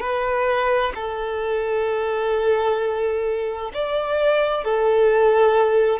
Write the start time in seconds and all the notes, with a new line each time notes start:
0.00 B4
0.95 A4
3.73 D5
4.64 A4